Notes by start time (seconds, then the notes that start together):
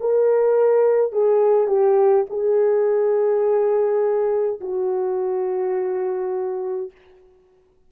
0.00 A#4
1.12 G#4
1.67 G4
2.30 G#4
4.60 F#4